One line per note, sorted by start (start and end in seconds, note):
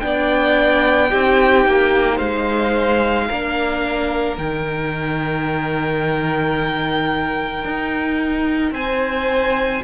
0.00 1.13 B3
0.00 1.11 D4
0.00 2.17 G5
0.06 1.10 D5
1.10 1.66 C4
1.10 3.30 D#4
1.10 2.16 G4
1.66 2.20 A#3
2.16 3.29 G#3
2.16 3.25 C5
2.16 4.36 F5
3.28 4.38 A#3
3.28 4.38 D4
3.28 8.74 A#4
4.38 7.65 D#3
4.38 9.83 D#4
4.38 8.74 G5
7.65 8.72 D#4
8.72 9.81 C4
8.72 9.84 C5
8.72 9.83 G#5